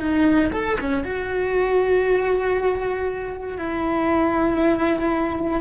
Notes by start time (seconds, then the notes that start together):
0.00 D#4
0.52 A4
0.80 C#4
1.04 F#4
3.58 E4